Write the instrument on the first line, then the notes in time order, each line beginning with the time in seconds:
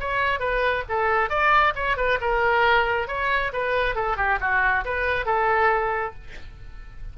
oboe
0.00 C#5
0.39 B4
0.89 A4
1.30 D5
1.75 C#5
1.97 B4
2.21 A#4
3.08 C#5
3.53 B4
3.95 A4
4.17 G4
4.40 F#4
4.85 B4
5.26 A4